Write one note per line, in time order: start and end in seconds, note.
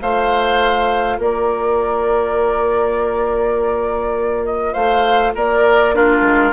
0.00 1.18 A3
0.00 5.94 F4
0.00 1.18 C5
0.00 1.21 F5
1.18 4.75 A#3
1.18 4.73 A#4
1.18 4.45 D5
4.45 4.74 D#5
4.73 5.35 A3
4.73 5.32 C5
4.73 5.33 F5
5.35 6.21 A#3
5.35 5.95 A#4
5.35 5.95 D5
5.94 6.53 D4
5.94 6.53 F4
5.94 6.53 A#4
6.21 6.51 G#3